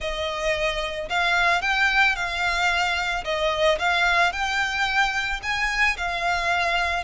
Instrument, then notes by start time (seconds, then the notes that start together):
violin
0.00 D#5
1.09 F5
1.61 G5
2.15 F5
3.24 D#5
3.78 F5
4.32 G5
5.43 G#5
5.97 F5